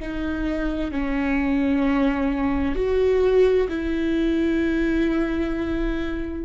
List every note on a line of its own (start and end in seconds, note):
0.00 0.91 D#4
0.91 2.76 C#4
2.76 3.68 F#4
3.69 6.44 E4